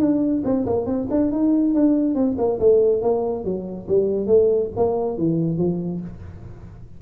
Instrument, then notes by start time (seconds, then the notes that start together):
tuba
0.00 D4
0.45 C4
0.66 A#3
0.86 C4
1.11 D4
1.32 D#4
1.75 D4
2.15 C4
2.38 A#3
2.60 A3
3.02 A#3
3.45 F#3
3.89 G3
4.27 A3
4.77 A#3
5.18 E3
5.58 F3